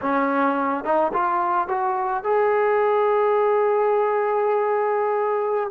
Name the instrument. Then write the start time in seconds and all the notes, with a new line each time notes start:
trombone
0.02 C#4
0.84 D#4
1.13 F4
1.68 F#4
2.23 G#4